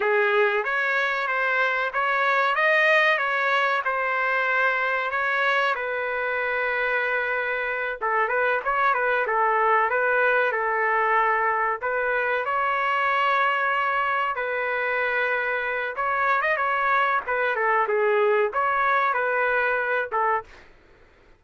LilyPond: \new Staff \with { instrumentName = "trumpet" } { \time 4/4 \tempo 4 = 94 gis'4 cis''4 c''4 cis''4 | dis''4 cis''4 c''2 | cis''4 b'2.~ | b'8 a'8 b'8 cis''8 b'8 a'4 b'8~ |
b'8 a'2 b'4 cis''8~ | cis''2~ cis''8 b'4.~ | b'4 cis''8. dis''16 cis''4 b'8 a'8 | gis'4 cis''4 b'4. a'8 | }